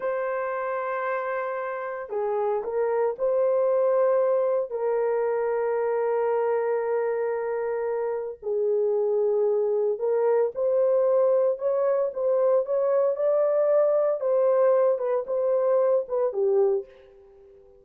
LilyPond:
\new Staff \with { instrumentName = "horn" } { \time 4/4 \tempo 4 = 114 c''1 | gis'4 ais'4 c''2~ | c''4 ais'2.~ | ais'1 |
gis'2. ais'4 | c''2 cis''4 c''4 | cis''4 d''2 c''4~ | c''8 b'8 c''4. b'8 g'4 | }